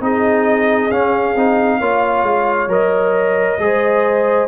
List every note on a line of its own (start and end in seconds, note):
0.00 0.90 C4
0.00 0.90 D#4
0.00 1.79 G#4
0.00 0.91 D#5
0.90 1.35 C#4
0.90 2.70 F5
1.35 1.80 C4
1.35 1.81 D#4
1.79 2.23 A#3
1.79 2.69 F4
1.79 3.58 C#5
2.23 2.67 G#3
2.67 3.57 F#3
2.67 3.58 A#4
2.67 4.48 D#5
3.58 4.48 G#3
3.58 4.48 G#4
3.58 4.48 C5